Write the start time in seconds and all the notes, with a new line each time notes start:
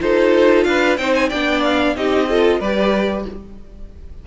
0.00 D#4 F4 A4 C5
0.64 D4 B4 F5
0.98 C4 D#4 C5 G5
1.15 G#5
1.29 B3 D4 D5 G5
1.64 F5
1.95 C4 D#4 G4 D#5
2.29 F4 A4
2.60 G3 G4 B4 D5